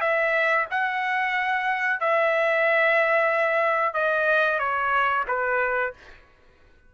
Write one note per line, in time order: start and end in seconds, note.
0.00 0.65 E5
0.70 2.00 F#5
2.00 3.93 E5
3.93 4.59 D#5
4.59 5.24 C#5
5.28 5.93 B4